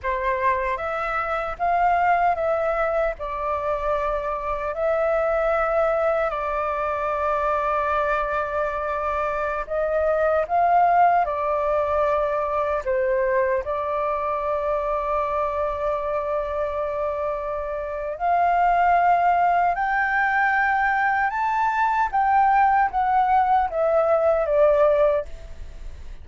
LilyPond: \new Staff \with { instrumentName = "flute" } { \time 4/4 \tempo 4 = 76 c''4 e''4 f''4 e''4 | d''2 e''2 | d''1~ | d''16 dis''4 f''4 d''4.~ d''16~ |
d''16 c''4 d''2~ d''8.~ | d''2. f''4~ | f''4 g''2 a''4 | g''4 fis''4 e''4 d''4 | }